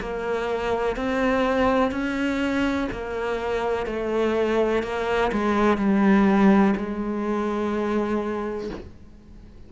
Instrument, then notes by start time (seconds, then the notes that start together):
cello
0.00 A#3
0.96 C4
1.91 C#4
2.92 A#3
3.86 A3
4.83 A#3
5.32 G#3
5.77 G3
6.77 G#3